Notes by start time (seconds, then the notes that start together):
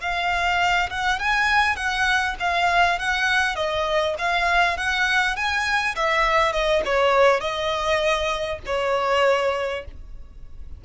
0.00 F5
0.90 F#5
1.19 G#5
1.76 F#5
2.39 F5
2.98 F#5
3.55 D#5
4.18 F5
4.77 F#5
5.35 G#5
5.95 E5
6.52 D#5
6.85 C#5
7.40 D#5
8.66 C#5